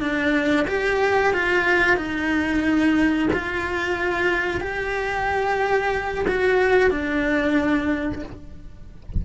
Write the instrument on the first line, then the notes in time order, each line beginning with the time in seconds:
cello
0.00 D4
0.67 G4
1.33 F4
1.96 D#4
3.33 F4
4.60 G4
6.28 F#4
6.91 D4